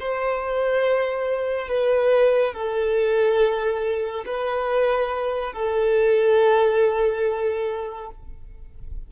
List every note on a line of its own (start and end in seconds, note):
0.00 1.68 C5
1.68 2.53 B4
2.53 4.25 A4
4.26 5.53 B4
5.53 8.10 A4